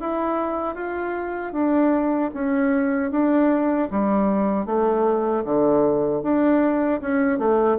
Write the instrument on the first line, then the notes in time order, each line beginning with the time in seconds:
bassoon
0.00 E4
0.75 F4
1.53 D4
2.34 C#4
3.11 D4
3.91 G3
4.66 A3
5.45 D3
6.23 D4
7.01 C#4
7.39 A3